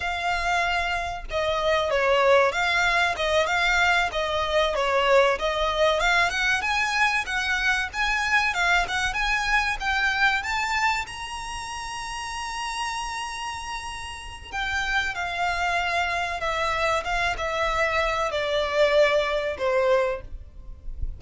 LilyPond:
\new Staff \with { instrumentName = "violin" } { \time 4/4 \tempo 4 = 95 f''2 dis''4 cis''4 | f''4 dis''8 f''4 dis''4 cis''8~ | cis''8 dis''4 f''8 fis''8 gis''4 fis''8~ | fis''8 gis''4 f''8 fis''8 gis''4 g''8~ |
g''8 a''4 ais''2~ ais''8~ | ais''2. g''4 | f''2 e''4 f''8 e''8~ | e''4 d''2 c''4 | }